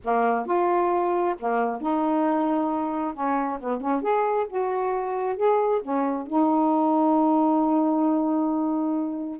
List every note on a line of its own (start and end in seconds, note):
0.03 0.46 A#3
0.46 1.35 F4
1.39 1.81 A#3
1.81 3.13 D#4
3.13 3.58 C#4
3.60 3.80 B3
3.80 4.02 C#4
4.02 4.46 G#4
4.49 5.36 F#4
5.36 5.81 G#4
5.82 6.26 C#4
6.26 9.39 D#4